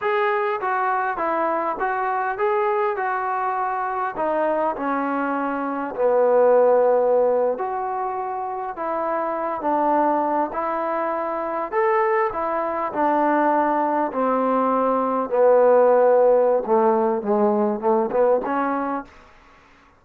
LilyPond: \new Staff \with { instrumentName = "trombone" } { \time 4/4 \tempo 4 = 101 gis'4 fis'4 e'4 fis'4 | gis'4 fis'2 dis'4 | cis'2 b2~ | b8. fis'2 e'4~ e'16~ |
e'16 d'4. e'2 a'16~ | a'8. e'4 d'2 c'16~ | c'4.~ c'16 b2~ b16 | a4 gis4 a8 b8 cis'4 | }